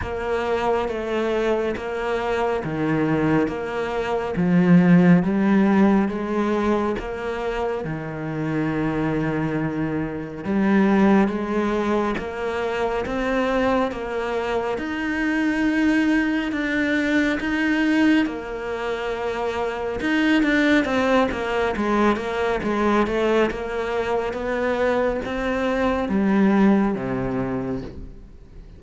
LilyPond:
\new Staff \with { instrumentName = "cello" } { \time 4/4 \tempo 4 = 69 ais4 a4 ais4 dis4 | ais4 f4 g4 gis4 | ais4 dis2. | g4 gis4 ais4 c'4 |
ais4 dis'2 d'4 | dis'4 ais2 dis'8 d'8 | c'8 ais8 gis8 ais8 gis8 a8 ais4 | b4 c'4 g4 c4 | }